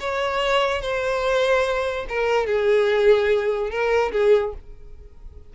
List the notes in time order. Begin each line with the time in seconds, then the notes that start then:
0.00 C#5
0.82 C5
2.09 A#4
2.46 G#4
3.70 A#4
4.12 G#4